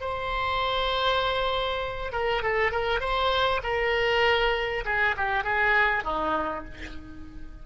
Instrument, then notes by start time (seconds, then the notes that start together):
oboe
0.00 C5
2.12 A#4
2.42 A4
2.71 A#4
3.00 C5
3.63 A#4
4.85 G#4
5.17 G4
5.44 G#4
6.04 D#4